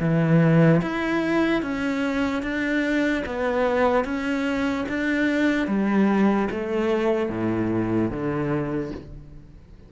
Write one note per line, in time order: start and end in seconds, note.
0.00 0.81 E3
0.82 1.63 E4
1.63 2.43 C#4
2.43 3.24 D4
3.26 4.05 B3
4.05 4.86 C#4
4.89 5.68 D4
5.68 6.49 G3
6.51 7.30 A3
7.30 8.11 A2
8.11 8.92 D3